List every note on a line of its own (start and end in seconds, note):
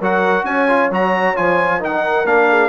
0.00 0.43 F#3
0.00 0.68 F#4
0.00 0.45 A#4
0.00 0.45 F#5
0.43 0.88 C#4
0.43 1.79 C#5
0.43 0.90 G#5
0.68 0.91 F4
0.90 1.35 F#3
0.90 1.35 F#4
0.90 1.36 A#5
1.35 1.83 F3
1.35 1.80 F4
1.35 1.81 G#5
1.79 2.25 D#3
1.79 2.25 D#4
1.79 2.46 A#4
1.79 2.26 F#5
2.25 2.69 A#3
2.25 2.69 D4
2.25 2.69 F5
2.49 2.69 G#4